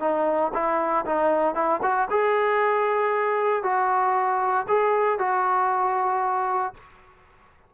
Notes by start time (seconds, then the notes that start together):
0.00 D#4
0.53 E4
1.05 D#4
1.54 E4
1.82 F#4
2.10 G#4
3.63 F#4
4.68 G#4
5.19 F#4